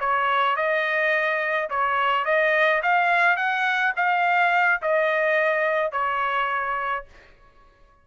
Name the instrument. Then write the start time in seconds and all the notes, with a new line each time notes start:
trumpet
0.00 C#5
0.56 D#5
1.70 C#5
2.25 D#5
2.83 F5
3.37 F#5
3.97 F5
4.82 D#5
5.92 C#5